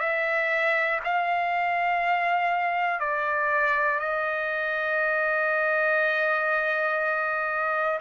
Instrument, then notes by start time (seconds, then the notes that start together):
trumpet
0.00 E5
1.05 F5
3.00 D5
4.00 D#5